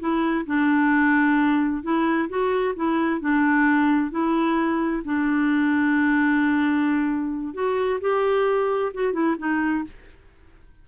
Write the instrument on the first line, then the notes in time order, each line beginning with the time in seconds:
clarinet
0.00 E4
0.46 D4
1.83 E4
2.29 F#4
2.76 E4
3.21 D4
4.11 E4
5.05 D4
7.54 F#4
8.01 G4
8.94 F#4
9.13 E4
9.39 D#4